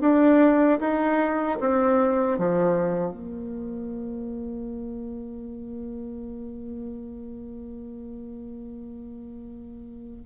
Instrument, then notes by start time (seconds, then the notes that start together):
bassoon
0.00 D4
0.79 D#4
1.60 C4
2.38 F3
3.12 A#3